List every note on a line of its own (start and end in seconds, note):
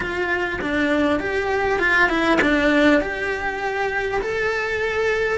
0.00 0.60 F4
0.61 1.19 D4
1.19 1.79 G4
1.79 2.09 F4
2.09 2.39 E4
2.41 3.01 D4
3.01 4.21 G4
4.21 5.38 A4